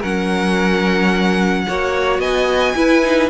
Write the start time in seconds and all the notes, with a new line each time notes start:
0.00 F#3 C#4 A#4 F#5
1.67 A#3 F#4 C#5
2.19 B3 D#5 G#5
2.76 E4 B4
3.03 D#4